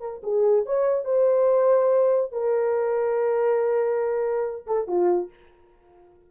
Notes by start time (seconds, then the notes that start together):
0.00 A#4
0.23 G#4
0.66 C#5
1.05 C5
2.32 A#4
4.67 A4
4.87 F4